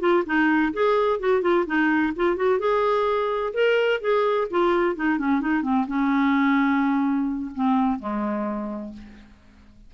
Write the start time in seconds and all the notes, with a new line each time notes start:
0.00 F4
0.26 D#4
0.73 G#4
1.20 F#4
1.42 F4
1.66 D#4
2.16 F4
2.37 F#4
2.59 G#4
3.54 A#4
4.01 G#4
4.50 F4
4.96 D#4
5.18 C#4
5.41 D#4
5.62 C4
5.87 C#4
7.55 C4
7.99 G#3